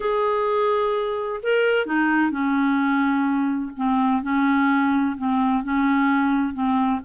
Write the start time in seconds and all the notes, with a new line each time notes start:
0.00 G#4
1.43 A#4
1.85 D#4
2.30 C#4
3.76 C4
4.22 C#4
5.17 C4
5.63 C#4
6.53 C4